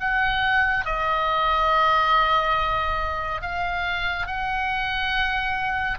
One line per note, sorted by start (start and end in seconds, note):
0.00 0.85 F#5
0.85 3.42 D#5
3.42 4.27 F5
4.27 5.98 F#5